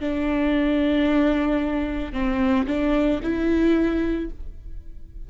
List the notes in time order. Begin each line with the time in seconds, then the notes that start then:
0.00 D4
2.12 C4
2.66 D4
3.22 E4